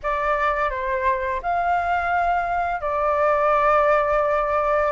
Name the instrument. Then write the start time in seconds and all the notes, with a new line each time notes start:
flute
0.02 D5
0.70 C5
1.42 F5
2.80 D5